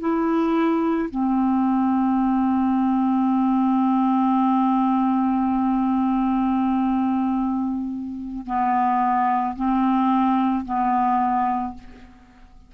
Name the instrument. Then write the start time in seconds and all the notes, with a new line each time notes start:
clarinet
0.00 E4
1.10 C4
8.46 B3
9.56 C4
10.66 B3